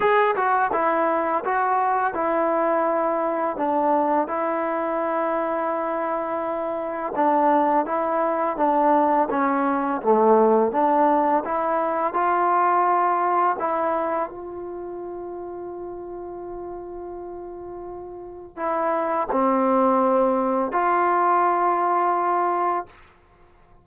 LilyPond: \new Staff \with { instrumentName = "trombone" } { \time 4/4 \tempo 4 = 84 gis'8 fis'8 e'4 fis'4 e'4~ | e'4 d'4 e'2~ | e'2 d'4 e'4 | d'4 cis'4 a4 d'4 |
e'4 f'2 e'4 | f'1~ | f'2 e'4 c'4~ | c'4 f'2. | }